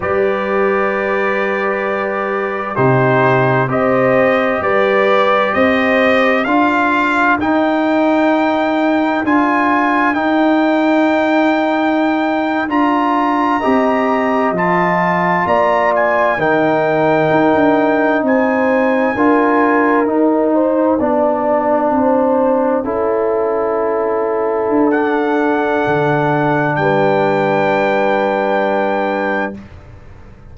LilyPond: <<
  \new Staff \with { instrumentName = "trumpet" } { \time 4/4 \tempo 4 = 65 d''2. c''4 | dis''4 d''4 dis''4 f''4 | g''2 gis''4 g''4~ | g''4.~ g''16 ais''2 a''16~ |
a''8. ais''8 gis''8 g''2 gis''16~ | gis''4.~ gis''16 g''2~ g''16~ | g''2. fis''4~ | fis''4 g''2. | }
  \new Staff \with { instrumentName = "horn" } { \time 4/4 b'2. g'4 | c''4 b'4 c''4 ais'4~ | ais'1~ | ais'2~ ais'8. dis''4~ dis''16~ |
dis''8. d''4 ais'2 c''16~ | c''8. ais'4. c''8 d''4 c''16~ | c''8. a'2.~ a'16~ | a'4 b'2. | }
  \new Staff \with { instrumentName = "trombone" } { \time 4/4 g'2. dis'4 | g'2. f'4 | dis'2 f'4 dis'4~ | dis'4.~ dis'16 f'4 g'4 f'16~ |
f'4.~ f'16 dis'2~ dis'16~ | dis'8. f'4 dis'4 d'4~ d'16~ | d'8. e'2~ e'16 d'4~ | d'1 | }
  \new Staff \with { instrumentName = "tuba" } { \time 4/4 g2. c4 | c'4 g4 c'4 d'4 | dis'2 d'4 dis'4~ | dis'4.~ dis'16 d'4 c'4 f16~ |
f8. ais4 dis4 dis'16 d'8. c'16~ | c'8. d'4 dis'4 b4 c'16~ | c'8. cis'2 d'4~ d'16 | d4 g2. | }
>>